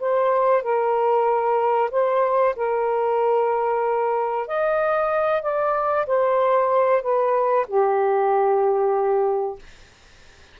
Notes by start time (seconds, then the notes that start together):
0.00 C5
0.63 A#4
1.91 C5
2.56 A#4
4.47 D#5
5.43 D5
6.07 C5
7.02 B4
7.67 G4